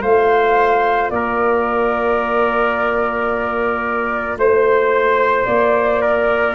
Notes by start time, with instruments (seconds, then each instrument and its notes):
0.00 tuba A3, clarinet F4, trumpet C5, flute F5
1.10 tuba A#3, trumpet A#4, flute D5
4.37 tuba A3, flute C5, trumpet C5
5.45 tuba A#3, flute D5
6.01 trumpet A#4